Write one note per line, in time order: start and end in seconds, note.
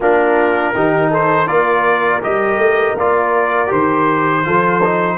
0.00 0.74 A#3
0.00 0.74 D4
0.00 0.74 F4
0.00 1.12 A#4
0.74 1.47 D#3
0.74 1.47 D#4
0.74 1.10 G4
1.10 1.47 A4
1.10 1.47 C5
1.47 2.21 A#3
1.47 2.21 F4
1.47 4.43 A#4
1.47 2.21 D5
2.22 2.56 G3
2.22 2.96 G4
2.22 2.97 D#5
2.56 2.93 A3
2.96 3.70 A#3
2.96 3.67 F4
2.96 3.72 D5
3.67 4.45 D#3
3.67 4.41 G4
3.67 5.17 C5
4.44 5.17 F3
4.44 4.81 F4
4.44 5.17 A4
4.83 5.17 D#4